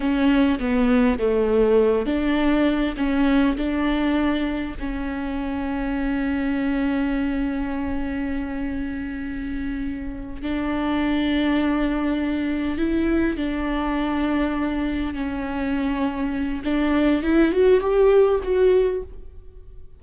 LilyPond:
\new Staff \with { instrumentName = "viola" } { \time 4/4 \tempo 4 = 101 cis'4 b4 a4. d'8~ | d'4 cis'4 d'2 | cis'1~ | cis'1~ |
cis'4. d'2~ d'8~ | d'4. e'4 d'4.~ | d'4. cis'2~ cis'8 | d'4 e'8 fis'8 g'4 fis'4 | }